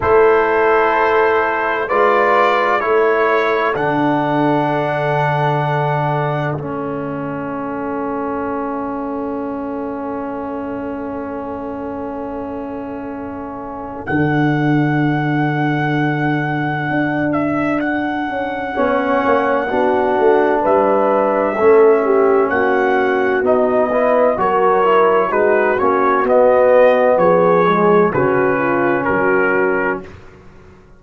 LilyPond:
<<
  \new Staff \with { instrumentName = "trumpet" } { \time 4/4 \tempo 4 = 64 c''2 d''4 cis''4 | fis''2. e''4~ | e''1~ | e''2. fis''4~ |
fis''2~ fis''8 e''8 fis''4~ | fis''2 e''2 | fis''4 dis''4 cis''4 b'8 cis''8 | dis''4 cis''4 b'4 ais'4 | }
  \new Staff \with { instrumentName = "horn" } { \time 4/4 a'2 b'4 a'4~ | a'1~ | a'1~ | a'1~ |
a'1 | cis''4 fis'4 b'4 a'8 g'8 | fis'4. b'8 ais'4 fis'4~ | fis'4 gis'4 fis'8 f'8 fis'4 | }
  \new Staff \with { instrumentName = "trombone" } { \time 4/4 e'2 f'4 e'4 | d'2. cis'4~ | cis'1~ | cis'2. d'4~ |
d'1 | cis'4 d'2 cis'4~ | cis'4 dis'8 e'8 fis'8 e'8 dis'8 cis'8 | b4. gis8 cis'2 | }
  \new Staff \with { instrumentName = "tuba" } { \time 4/4 a2 gis4 a4 | d2. a4~ | a1~ | a2. d4~ |
d2 d'4. cis'8 | b8 ais8 b8 a8 g4 a4 | ais4 b4 fis4 gis8 ais8 | b4 f4 cis4 fis4 | }
>>